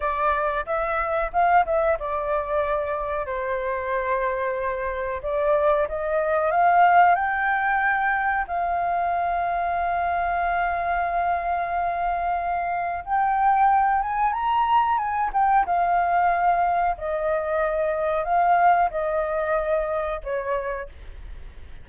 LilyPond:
\new Staff \with { instrumentName = "flute" } { \time 4/4 \tempo 4 = 92 d''4 e''4 f''8 e''8 d''4~ | d''4 c''2. | d''4 dis''4 f''4 g''4~ | g''4 f''2.~ |
f''1 | g''4. gis''8 ais''4 gis''8 g''8 | f''2 dis''2 | f''4 dis''2 cis''4 | }